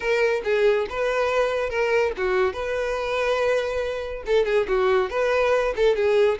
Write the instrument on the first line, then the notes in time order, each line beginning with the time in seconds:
violin
0.00 A#4
0.44 G#4
0.89 B4
1.69 A#4
2.17 F#4
2.53 B4
4.26 A4
4.45 G#4
4.68 F#4
5.10 B4
5.76 A4
5.95 G#4